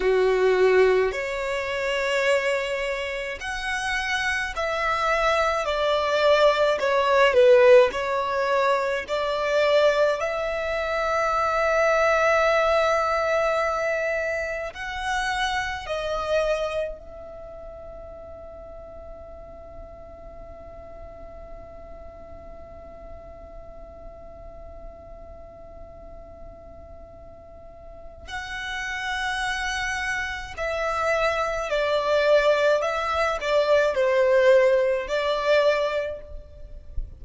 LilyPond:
\new Staff \with { instrumentName = "violin" } { \time 4/4 \tempo 4 = 53 fis'4 cis''2 fis''4 | e''4 d''4 cis''8 b'8 cis''4 | d''4 e''2.~ | e''4 fis''4 dis''4 e''4~ |
e''1~ | e''1~ | e''4 fis''2 e''4 | d''4 e''8 d''8 c''4 d''4 | }